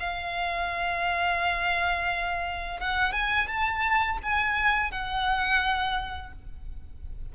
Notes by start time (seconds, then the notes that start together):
0.00 F5
2.81 F#5
3.13 G#5
3.48 A5
4.24 G#5
4.92 F#5